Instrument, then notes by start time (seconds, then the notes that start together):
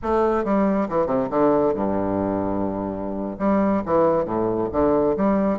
bassoon
0.02 A3
0.44 G3
0.89 E3
1.06 C3
1.30 D3
1.74 G2
3.38 G3
3.85 E3
4.25 A2
4.72 D3
5.16 G3